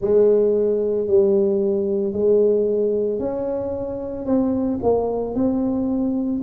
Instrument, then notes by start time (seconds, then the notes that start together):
tuba
0.01 G#3
1.07 G3
2.12 G#3
3.19 C#4
4.25 C4
4.83 A#3
5.35 C4